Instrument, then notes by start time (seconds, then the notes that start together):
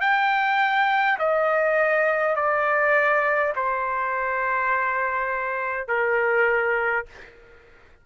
trumpet
0.00 G5
1.19 D#5
2.35 D5
3.56 C5
5.88 A#4